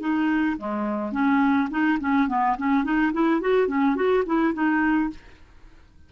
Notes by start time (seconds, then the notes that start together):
0.00 D#4
0.58 G#3
1.12 C#4
1.70 D#4
2.00 C#4
2.28 B3
2.58 C#4
2.84 D#4
3.13 E4
3.41 F#4
3.68 C#4
3.96 F#4
4.26 E4
4.54 D#4